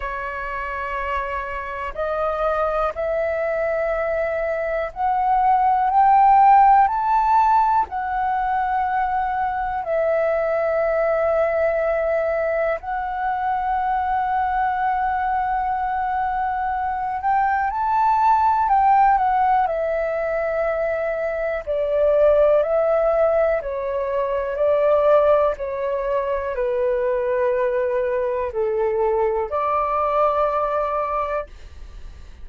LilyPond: \new Staff \with { instrumentName = "flute" } { \time 4/4 \tempo 4 = 61 cis''2 dis''4 e''4~ | e''4 fis''4 g''4 a''4 | fis''2 e''2~ | e''4 fis''2.~ |
fis''4. g''8 a''4 g''8 fis''8 | e''2 d''4 e''4 | cis''4 d''4 cis''4 b'4~ | b'4 a'4 d''2 | }